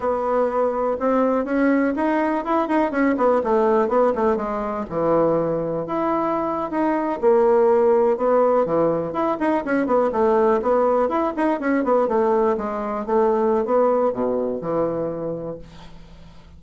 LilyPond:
\new Staff \with { instrumentName = "bassoon" } { \time 4/4 \tempo 4 = 123 b2 c'4 cis'4 | dis'4 e'8 dis'8 cis'8 b8 a4 | b8 a8 gis4 e2 | e'4.~ e'16 dis'4 ais4~ ais16~ |
ais8. b4 e4 e'8 dis'8 cis'16~ | cis'16 b8 a4 b4 e'8 dis'8 cis'16~ | cis'16 b8 a4 gis4 a4~ a16 | b4 b,4 e2 | }